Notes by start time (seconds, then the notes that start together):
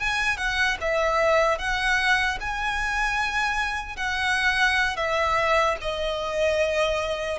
0.00 G#5
0.37 F#5
0.81 E5
1.59 F#5
2.41 G#5
3.97 F#5
4.97 E5
5.81 D#5